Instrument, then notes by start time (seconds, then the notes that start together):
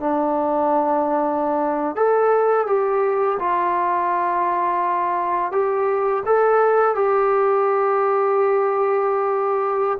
trombone
0.00 D4
1.96 A4
2.67 G4
3.39 F4
5.52 G4
6.26 A4
6.95 G4